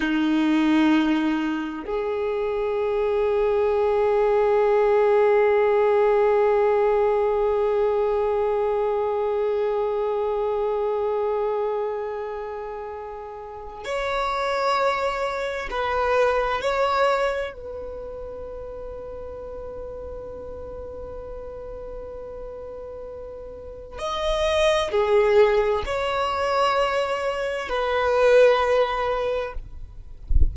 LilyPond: \new Staff \with { instrumentName = "violin" } { \time 4/4 \tempo 4 = 65 dis'2 gis'2~ | gis'1~ | gis'1~ | gis'2. cis''4~ |
cis''4 b'4 cis''4 b'4~ | b'1~ | b'2 dis''4 gis'4 | cis''2 b'2 | }